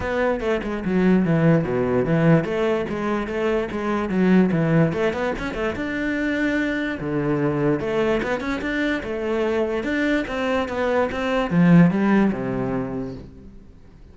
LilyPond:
\new Staff \with { instrumentName = "cello" } { \time 4/4 \tempo 4 = 146 b4 a8 gis8 fis4 e4 | b,4 e4 a4 gis4 | a4 gis4 fis4 e4 | a8 b8 cis'8 a8 d'2~ |
d'4 d2 a4 | b8 cis'8 d'4 a2 | d'4 c'4 b4 c'4 | f4 g4 c2 | }